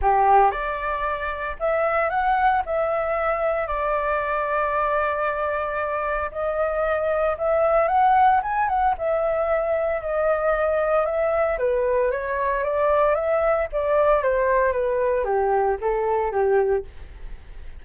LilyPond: \new Staff \with { instrumentName = "flute" } { \time 4/4 \tempo 4 = 114 g'4 d''2 e''4 | fis''4 e''2 d''4~ | d''1 | dis''2 e''4 fis''4 |
gis''8 fis''8 e''2 dis''4~ | dis''4 e''4 b'4 cis''4 | d''4 e''4 d''4 c''4 | b'4 g'4 a'4 g'4 | }